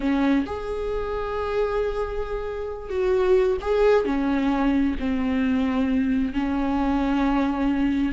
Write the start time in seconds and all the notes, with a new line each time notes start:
0.00 C#4
0.46 G#4
2.89 F#4
3.61 G#4
4.05 C#4
4.99 C4
6.33 C#4